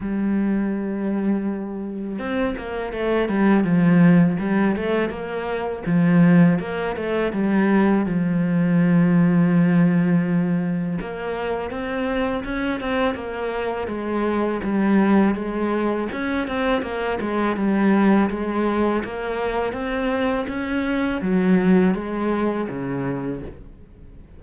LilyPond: \new Staff \with { instrumentName = "cello" } { \time 4/4 \tempo 4 = 82 g2. c'8 ais8 | a8 g8 f4 g8 a8 ais4 | f4 ais8 a8 g4 f4~ | f2. ais4 |
c'4 cis'8 c'8 ais4 gis4 | g4 gis4 cis'8 c'8 ais8 gis8 | g4 gis4 ais4 c'4 | cis'4 fis4 gis4 cis4 | }